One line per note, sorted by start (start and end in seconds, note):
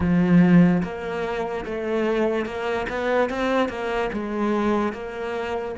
0.00 0.82 F3
0.82 1.64 A#3
1.65 2.45 A3
2.45 2.86 A#3
2.89 3.29 B3
3.29 3.68 C4
3.68 4.09 A#3
4.12 4.92 G#3
4.92 5.75 A#3